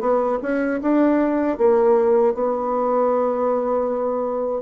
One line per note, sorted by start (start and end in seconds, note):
0.00 0.38 B3
0.42 0.80 C#4
0.82 1.58 D4
1.58 2.34 A#3
2.34 4.62 B3